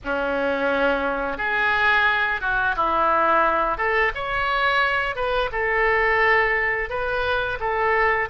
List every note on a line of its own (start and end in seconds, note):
0.04 1.37 C#4
1.37 2.40 G#4
2.40 2.75 F#4
2.76 3.77 E4
3.77 4.12 A4
4.14 5.15 C#5
5.15 5.50 B4
5.52 6.89 A4
6.89 7.58 B4
7.60 8.29 A4